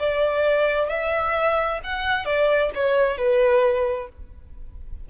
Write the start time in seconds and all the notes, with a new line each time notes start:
0.00 D5
0.89 E5
1.84 F#5
2.25 D5
2.75 C#5
3.18 B4